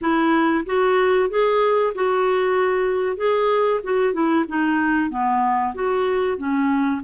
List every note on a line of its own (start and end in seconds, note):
0.01 0.64 E4
0.66 1.29 F#4
1.29 1.93 G#4
1.94 3.16 F#4
3.16 3.80 G#4
3.83 4.13 F#4
4.13 4.44 E4
4.48 5.09 D#4
5.09 5.73 B3
5.74 6.37 F#4
6.37 7.01 C#4